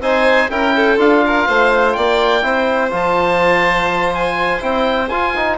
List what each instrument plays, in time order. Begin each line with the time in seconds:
0.00 bassoon C4, trombone D#4, violin C5, oboe G#5
0.50 bassoon C#4, trombone E4, violin A#4, oboe G5
0.76 violin A4
0.97 bassoon D4, trombone F4, oboe F5
1.26 violin A#4
1.47 bassoon A3, violin C5
1.93 bassoon A#3, violin D5, oboe G5
2.42 bassoon C4, trombone E4, violin C5
2.90 bassoon F3, trombone F4, oboe A5
4.14 oboe G#5
4.60 bassoon C4, trombone E4, oboe G5
5.09 trombone F4, bassoon F4, oboe G#5
5.35 trombone D#4